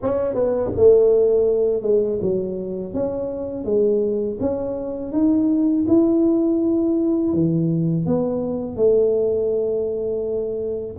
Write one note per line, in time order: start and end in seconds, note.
0.02 0.34 C#4
0.34 0.71 B3
0.76 1.82 A3
1.82 2.19 G#3
2.21 2.93 F#3
2.93 3.64 C#4
3.64 4.37 G#3
4.40 5.12 C#4
5.12 5.85 D#4
5.87 7.33 E4
7.33 8.06 E3
8.06 8.76 B3
8.76 10.96 A3